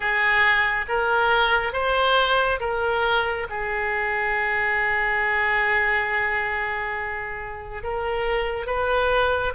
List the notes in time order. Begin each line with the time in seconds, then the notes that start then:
0.00 G#4
0.88 A#4
1.72 C5
2.60 A#4
3.49 G#4
7.83 A#4
8.66 B4